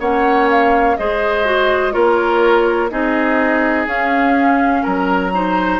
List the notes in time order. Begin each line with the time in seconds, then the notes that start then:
0.00 A#3 C#4 C#5 F#5
0.50 F5
0.97 G#3 G#4 C5 D#5
1.45 F#4
1.93 A#3 F4 A#4 C#5
2.90 C4 D#4 G#4 D#5
3.87 C#4 F5
4.83 F#3 A#4 A#5
5.34 D#4 C5